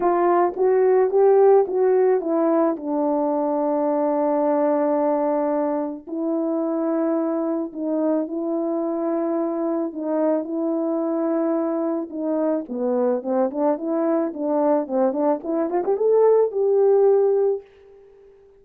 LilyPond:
\new Staff \with { instrumentName = "horn" } { \time 4/4 \tempo 4 = 109 f'4 fis'4 g'4 fis'4 | e'4 d'2.~ | d'2. e'4~ | e'2 dis'4 e'4~ |
e'2 dis'4 e'4~ | e'2 dis'4 b4 | c'8 d'8 e'4 d'4 c'8 d'8 | e'8 f'16 g'16 a'4 g'2 | }